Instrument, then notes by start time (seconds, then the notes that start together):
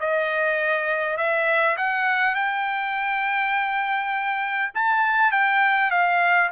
trumpet
0.00 D#5
1.17 E5
1.77 F#5
2.35 G5
4.74 A5
5.32 G5
5.91 F5